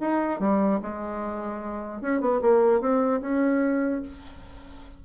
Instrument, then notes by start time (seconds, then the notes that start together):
bassoon
0.00 D#4
0.39 G3
0.82 G#3
2.01 C#4
2.20 B3
2.41 A#3
2.80 C4
3.21 C#4